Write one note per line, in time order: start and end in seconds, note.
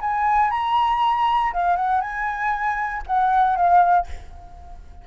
0.00 0.50 G#5
0.50 1.52 A#5
1.53 1.76 F5
1.76 2.01 F#5
2.01 3.02 G#5
3.06 3.55 F#5
3.55 4.06 F5